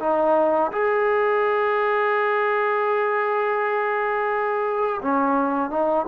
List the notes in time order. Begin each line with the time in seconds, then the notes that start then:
0.00 D#4
0.72 G#4
5.02 C#4
5.70 D#4